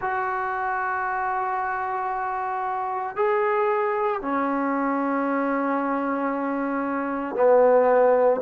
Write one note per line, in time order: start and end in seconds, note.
0.00 3.16 F#4
3.16 4.21 G#4
4.21 7.35 C#4
7.35 8.41 B3